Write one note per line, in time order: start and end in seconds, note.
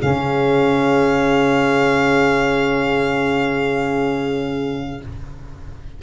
0.00 5.02 C#3
0.00 5.00 C#4
0.00 5.02 G#4
0.00 5.01 F5